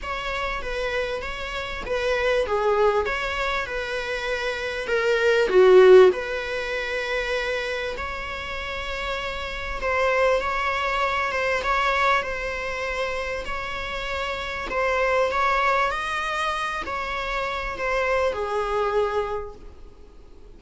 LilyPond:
\new Staff \with { instrumentName = "viola" } { \time 4/4 \tempo 4 = 98 cis''4 b'4 cis''4 b'4 | gis'4 cis''4 b'2 | ais'4 fis'4 b'2~ | b'4 cis''2. |
c''4 cis''4. c''8 cis''4 | c''2 cis''2 | c''4 cis''4 dis''4. cis''8~ | cis''4 c''4 gis'2 | }